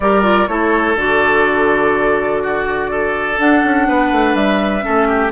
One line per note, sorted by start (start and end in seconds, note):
0.00 0.47 G3
0.00 0.22 G4
0.00 0.49 A#4
0.00 0.47 D5
0.22 0.46 F4
0.47 0.95 A3
0.47 0.96 E4
0.47 2.42 A4
0.47 0.96 C#5
0.95 3.37 D3
0.95 3.37 F#4
0.95 3.39 D5
2.42 2.90 F#4
2.90 3.87 A4
3.37 4.81 D4
3.37 3.62 D4
3.37 4.35 F#5
3.64 3.87 C#4
3.87 4.11 B3
3.87 4.84 B4
4.11 4.34 A3
4.34 4.82 G3
4.34 5.31 E5
4.81 5.30 C#4
4.81 5.07 A4
4.87 5.31 A3
5.07 5.31 G4